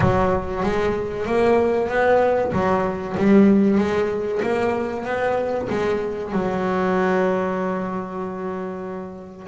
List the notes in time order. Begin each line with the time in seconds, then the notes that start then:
0.00 F#3
0.63 G#3
1.26 A#3
1.88 B3
2.52 F#3
3.17 G3
3.78 G#3
4.42 A#3
5.05 B3
5.69 G#3
6.32 F#3